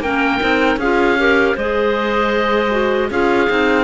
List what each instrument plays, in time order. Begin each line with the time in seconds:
0.00 cello A#3, clarinet C#4 A#4, oboe G5
0.40 cello C4, clarinet D#4
0.77 cello C#4, clarinet F4 G#4, oboe F5
1.18 clarinet G4 A#4
1.56 cello G#3, clarinet G#4 C5, oboe D#5
2.71 clarinet F#4
3.10 cello C#4, clarinet F4 G#4, oboe F5
3.49 cello C4, clarinet D#4